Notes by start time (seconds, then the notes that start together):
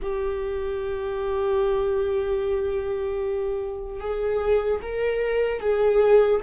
0.02 G4
4.00 G#4
4.81 A#4
5.60 G#4